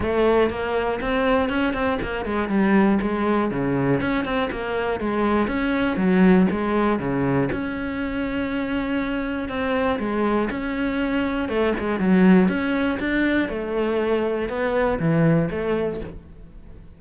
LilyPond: \new Staff \with { instrumentName = "cello" } { \time 4/4 \tempo 4 = 120 a4 ais4 c'4 cis'8 c'8 | ais8 gis8 g4 gis4 cis4 | cis'8 c'8 ais4 gis4 cis'4 | fis4 gis4 cis4 cis'4~ |
cis'2. c'4 | gis4 cis'2 a8 gis8 | fis4 cis'4 d'4 a4~ | a4 b4 e4 a4 | }